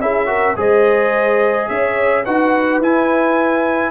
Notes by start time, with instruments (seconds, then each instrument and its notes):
0.00 tuba C#4, trombone E4, horn G#4, trumpet E5
0.26 trombone F#4, horn A#4
0.56 tuba G#3, trombone G#4, horn C5, trumpet D#5
1.68 tuba C#4, horn C#5, trumpet E5
2.24 tuba D#4, trombone F#4, horn B4, trumpet F#5
2.80 tuba E4, trombone E4, trumpet G#5